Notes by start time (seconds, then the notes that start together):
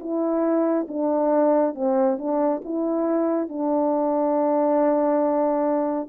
0.00 E4
0.88 D4
1.75 C4
2.18 D4
2.64 E4
3.49 D4